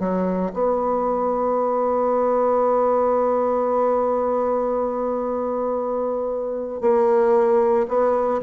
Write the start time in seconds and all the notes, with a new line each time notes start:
0.00 F#3
0.54 B3
6.82 A#3
7.89 B3